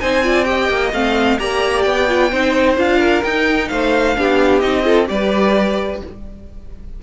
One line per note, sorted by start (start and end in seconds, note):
0.00 0.69 C4
0.00 0.23 D#4
0.00 0.24 C5
0.00 0.44 G#5
0.23 0.44 F4
0.23 0.47 D5
0.44 0.90 G4
0.44 1.40 D#5
0.44 0.90 G5
0.69 0.92 A#3
0.92 1.38 A3
0.92 1.38 C4
0.92 1.39 F5
1.38 1.85 A#3
1.38 2.07 G4
1.38 2.31 D5
1.38 1.82 A#5
1.82 2.32 B3
1.82 2.74 G5
2.07 2.31 F4
2.31 2.77 C4
2.31 2.76 D#4
2.31 2.98 C5
2.76 3.23 D4
2.76 3.22 F4
2.76 3.23 F5
2.98 3.67 A#4
3.23 3.70 D#4
3.23 4.15 D#4
3.23 3.68 G5
3.68 4.17 A3
3.68 4.17 C5
3.68 4.59 F5
4.15 4.63 B3
4.15 4.61 D4
4.15 4.85 G4
4.59 5.09 C4
4.59 4.84 D#4
4.59 5.05 D#5
4.84 5.06 F4
4.84 5.08 A4
5.06 6.01 G3
5.06 5.98 G4
5.06 6.02 B4
5.06 6.01 D5